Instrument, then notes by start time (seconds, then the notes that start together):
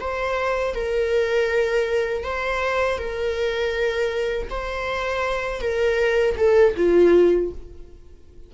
viola
0.00 C5
0.75 A#4
2.24 C5
2.98 A#4
4.50 C5
5.61 A#4
6.37 A4
6.76 F4